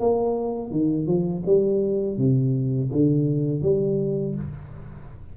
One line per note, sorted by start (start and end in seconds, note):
0.00 0.71 A#3
0.71 1.07 D#3
1.07 1.43 F3
1.46 2.18 G3
2.18 2.91 C3
2.92 3.62 D3
3.62 4.35 G3